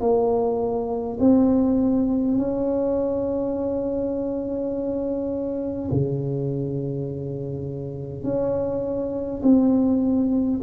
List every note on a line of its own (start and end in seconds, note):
0.00 1.18 A#3
1.20 2.37 C4
2.37 5.90 C#4
5.91 8.24 C#3
8.24 9.41 C#4
9.43 10.60 C4